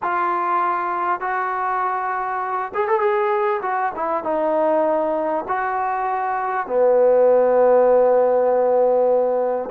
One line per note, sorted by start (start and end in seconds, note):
0.02 1.20 F4
1.20 2.72 F#4
2.74 2.87 G#4
2.87 3.00 A4
3.00 3.61 G#4
3.62 3.92 F#4
3.95 4.23 E4
4.23 5.44 D#4
5.47 6.66 F#4
6.66 9.69 B3